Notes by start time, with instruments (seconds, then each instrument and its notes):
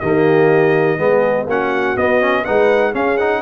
0.00 tuba D#3, trombone A#3, horn G4, trumpet D#5
0.98 tuba G#3, trombone B3, horn G#4
1.47 tuba A#3, trombone C#4, horn F#4, trumpet F#5
1.97 tuba B3, trombone B3, trumpet D#5
2.20 trombone C#4
2.43 tuba G#3, trombone D#4, horn B4, trumpet F#5
2.92 trombone C#4, tuba C#4, horn G#4, trumpet F5
3.18 trombone D#4, trumpet F#5